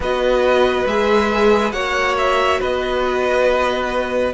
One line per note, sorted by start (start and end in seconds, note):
0.00 0.84 B3
0.00 0.88 F#4
0.00 1.73 B4
0.00 0.87 D#5
0.86 1.72 G#3
0.86 1.72 G#4
0.86 1.72 E5
1.72 2.59 A#3
1.72 4.33 F#4
1.72 2.60 C#5
1.72 2.15 F#5
2.17 2.61 E5
2.60 4.33 B3
2.60 4.33 B4
2.60 4.33 D#5